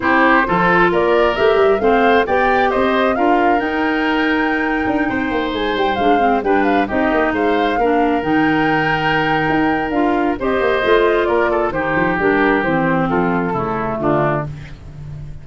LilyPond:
<<
  \new Staff \with { instrumentName = "flute" } { \time 4/4 \tempo 4 = 133 c''2 d''4 e''4 | f''4 g''4 dis''4 f''4 | g''1~ | g''16 gis''8 g''8 f''4 g''8 f''8 dis''8.~ |
dis''16 f''2 g''4.~ g''16~ | g''2 f''4 dis''4~ | dis''4 d''4 c''4 ais'4 | c''4 a'2 f'4 | }
  \new Staff \with { instrumentName = "oboe" } { \time 4/4 g'4 a'4 ais'2 | c''4 d''4 c''4 ais'4~ | ais'2.~ ais'16 c''8.~ | c''2~ c''16 b'4 g'8.~ |
g'16 c''4 ais'2~ ais'8.~ | ais'2. c''4~ | c''4 ais'8 a'8 g'2~ | g'4 f'4 e'4 d'4 | }
  \new Staff \with { instrumentName = "clarinet" } { \time 4/4 e'4 f'2 g'4 | c'4 g'2 f'4 | dis'1~ | dis'4~ dis'16 d'8 c'8 d'4 dis'8.~ |
dis'4~ dis'16 d'4 dis'4.~ dis'16~ | dis'2 f'4 g'4 | f'2 dis'4 d'4 | c'2 a2 | }
  \new Staff \with { instrumentName = "tuba" } { \time 4/4 c'4 f4 ais4 a8 g8 | a4 b4 c'4 d'4 | dis'2~ dis'8. d'8 c'8 ais16~ | ais16 gis8 g8 gis4 g4 c'8 ais16~ |
ais16 gis4 ais4 dis4.~ dis16~ | dis4 dis'4 d'4 c'8 ais8 | a4 ais4 dis8 f8 g4 | e4 f4 cis4 d4 | }
>>